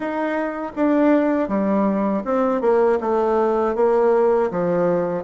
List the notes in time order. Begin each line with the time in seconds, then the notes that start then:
0.00 D#4
0.75 D4
1.48 G3
2.25 C4
2.61 A#3
3.00 A3
3.75 A#3
4.50 F3